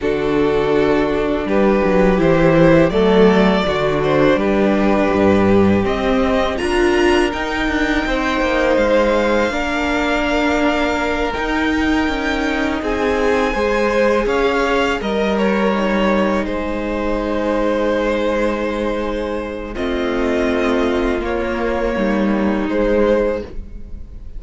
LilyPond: <<
  \new Staff \with { instrumentName = "violin" } { \time 4/4 \tempo 4 = 82 a'2 b'4 c''4 | d''4. c''8 b'2 | dis''4 ais''4 g''2 | f''2.~ f''8 g''8~ |
g''4. gis''2 f''8~ | f''8 dis''8 cis''4. c''4.~ | c''2. dis''4~ | dis''4 cis''2 c''4 | }
  \new Staff \with { instrumentName = "violin" } { \time 4/4 fis'2 g'2 | a'4 fis'4 g'2~ | g'4 ais'2 c''4~ | c''4 ais'2.~ |
ais'4. gis'4 c''4 cis''8~ | cis''8 ais'2 gis'4.~ | gis'2. f'4~ | f'2 dis'2 | }
  \new Staff \with { instrumentName = "viola" } { \time 4/4 d'2. e'4 | a4 d'2. | c'4 f'4 dis'2~ | dis'4 d'2~ d'8 dis'8~ |
dis'2~ dis'8 gis'4.~ | gis'8 ais'4 dis'2~ dis'8~ | dis'2. c'4~ | c'4 ais2 gis4 | }
  \new Staff \with { instrumentName = "cello" } { \time 4/4 d2 g8 fis8 e4 | fis4 d4 g4 g,4 | c'4 d'4 dis'8 d'8 c'8 ais8 | gis4 ais2~ ais8 dis'8~ |
dis'8 cis'4 c'4 gis4 cis'8~ | cis'8 g2 gis4.~ | gis2. a4~ | a4 ais4 g4 gis4 | }
>>